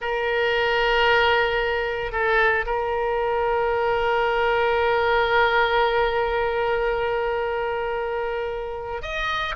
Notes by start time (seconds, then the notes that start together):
0.01 A#4
2.11 A4
2.65 A#4
9.01 D#5